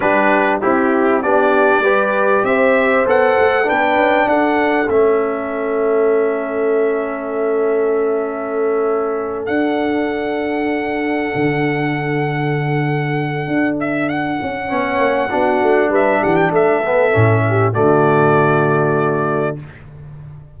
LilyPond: <<
  \new Staff \with { instrumentName = "trumpet" } { \time 4/4 \tempo 4 = 98 b'4 g'4 d''2 | e''4 fis''4 g''4 fis''4 | e''1~ | e''2.~ e''8 fis''8~ |
fis''1~ | fis''2~ fis''8 e''8 fis''4~ | fis''2 e''8 fis''16 g''16 e''4~ | e''4 d''2. | }
  \new Staff \with { instrumentName = "horn" } { \time 4/4 g'4 e'4 g'4 b'4 | c''2 b'4 a'4~ | a'1~ | a'1~ |
a'1~ | a'1 | cis''4 fis'4 b'8 g'8 a'4~ | a'8 g'8 fis'2. | }
  \new Staff \with { instrumentName = "trombone" } { \time 4/4 d'4 e'4 d'4 g'4~ | g'4 a'4 d'2 | cis'1~ | cis'2.~ cis'8 d'8~ |
d'1~ | d'1 | cis'4 d'2~ d'8 b8 | cis'4 a2. | }
  \new Staff \with { instrumentName = "tuba" } { \time 4/4 g4 c'4 b4 g4 | c'4 b8 a8 b8 cis'8 d'4 | a1~ | a2.~ a8 d'8~ |
d'2~ d'8 d4.~ | d2 d'4. cis'8 | b8 ais8 b8 a8 g8 e8 a4 | a,4 d2. | }
>>